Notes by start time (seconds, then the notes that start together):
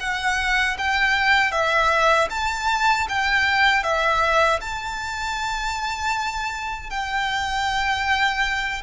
0.00 F#5
0.78 G5
1.51 E5
2.30 A5
3.08 G5
3.83 E5
4.61 A5
6.90 G5